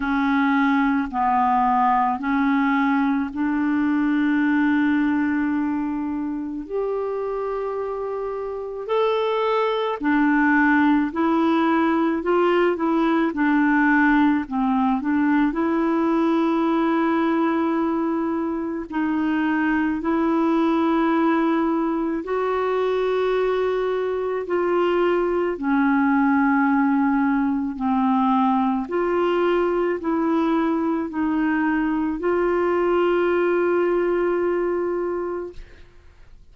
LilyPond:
\new Staff \with { instrumentName = "clarinet" } { \time 4/4 \tempo 4 = 54 cis'4 b4 cis'4 d'4~ | d'2 g'2 | a'4 d'4 e'4 f'8 e'8 | d'4 c'8 d'8 e'2~ |
e'4 dis'4 e'2 | fis'2 f'4 cis'4~ | cis'4 c'4 f'4 e'4 | dis'4 f'2. | }